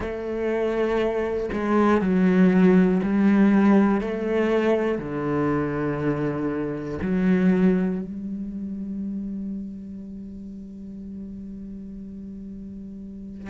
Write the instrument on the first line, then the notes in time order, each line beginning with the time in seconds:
cello
0.00 A3
1.53 G#3
2.01 F#3
3.03 G3
4.00 A3
4.98 D3
7.01 F#3
8.01 G3